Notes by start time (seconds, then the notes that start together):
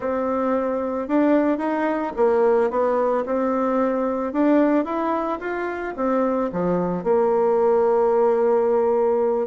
0.00 C4
1.08 D4
1.58 D#4
2.16 A#3
2.70 B3
3.25 C4
4.32 D4
4.85 E4
5.40 F4
5.96 C4
6.52 F3
7.03 A#3